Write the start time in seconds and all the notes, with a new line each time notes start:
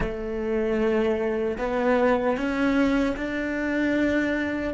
0.00 A3
1.58 B3
2.37 C#4
3.16 D4